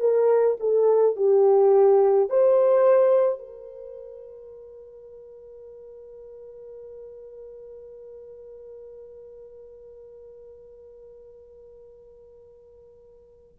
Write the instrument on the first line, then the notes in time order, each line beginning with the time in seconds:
horn
0.00 A#4
0.60 A4
1.17 G4
2.30 C5
3.39 A#4